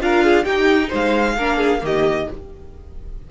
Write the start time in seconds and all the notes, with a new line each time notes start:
0.00 D4 F4 A#4 F5
0.25 G#4
0.44 D#4 G4 G5
0.88 G#3 C5
0.95 F5
1.37 A#3 D4 A#4
1.57 G#4
1.80 D#3 A#3 G4 D#5